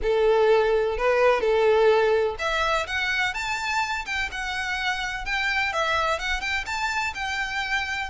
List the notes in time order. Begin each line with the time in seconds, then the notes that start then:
0.02 A4
0.97 B4
1.40 A4
2.38 E5
2.86 F#5
3.34 A5
4.05 G5
4.31 F#5
5.25 G5
5.73 E5
6.19 F#5
6.40 G5
6.66 A5
7.14 G5